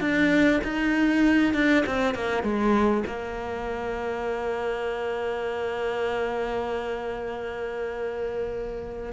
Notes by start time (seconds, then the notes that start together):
0.00 D4
0.64 D#4
1.54 D4
1.86 C4
2.14 A#3
2.43 G#3
3.07 A#3